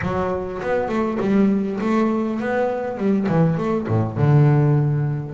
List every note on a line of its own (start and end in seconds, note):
0.01 0.61 F#3
0.62 0.88 B3
0.88 1.18 A3
1.20 1.79 G3
1.80 2.40 A3
2.40 2.97 B3
2.97 3.27 G3
3.28 3.57 E3
3.57 3.87 A3
3.87 4.17 A2
4.17 5.34 D3